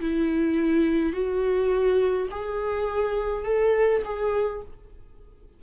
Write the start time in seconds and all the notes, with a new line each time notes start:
0.00 E4
1.12 F#4
2.30 G#4
3.45 A4
4.04 G#4